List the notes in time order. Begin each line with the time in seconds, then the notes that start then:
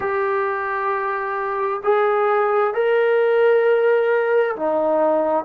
0.00 G4
1.83 G#4
2.74 A#4
4.56 D#4